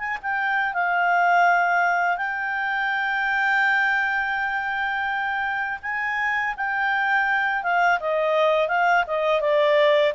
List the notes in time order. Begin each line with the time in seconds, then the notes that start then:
0.00 G#5
0.23 G5
0.74 F5
2.18 G5
5.83 G#5
6.57 G5
7.64 F5
8.00 D#5
8.68 F5
9.07 D#5
9.41 D5